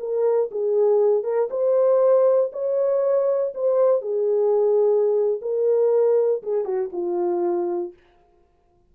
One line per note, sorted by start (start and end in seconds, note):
0.00 0.50 A#4
0.52 1.24 G#4
1.24 1.49 A#4
1.51 2.52 C5
2.53 3.54 C#5
3.55 4.02 C5
4.02 5.41 G#4
5.42 6.43 A#4
6.43 6.65 G#4
6.65 6.90 F#4
6.93 7.94 F4